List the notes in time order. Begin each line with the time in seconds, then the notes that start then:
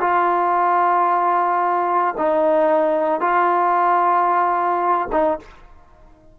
0.00 F4
2.17 D#4
3.20 F4
5.12 D#4